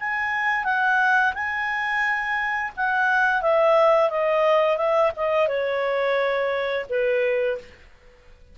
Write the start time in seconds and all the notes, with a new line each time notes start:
0.00 G#5
0.65 F#5
1.34 G#5
2.76 F#5
3.42 E5
4.10 D#5
4.77 E5
5.16 D#5
5.48 C#5
6.89 B4